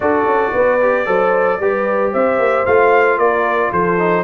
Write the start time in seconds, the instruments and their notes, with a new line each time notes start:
0.00 tuba D4, trombone F#4, horn A4, trumpet D5
0.24 tuba C#4
0.52 tuba B3, horn B4
0.81 trombone G4
1.05 tuba F#3, trombone A4, horn C5
1.59 tuba G3, trombone G4, horn B4
2.12 tuba C4, horn C5, trumpet E5
2.38 tuba A#3
2.65 tuba A3, trombone F4, trumpet F5
3.17 tuba A#3, horn A#4, trumpet D5
3.71 tuba F3, horn A4, trumpet C5
3.98 trombone D#4